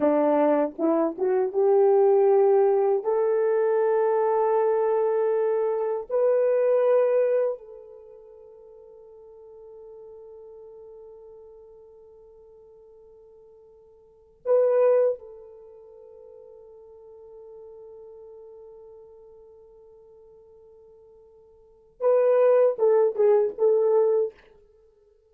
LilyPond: \new Staff \with { instrumentName = "horn" } { \time 4/4 \tempo 4 = 79 d'4 e'8 fis'8 g'2 | a'1 | b'2 a'2~ | a'1~ |
a'2. b'4 | a'1~ | a'1~ | a'4 b'4 a'8 gis'8 a'4 | }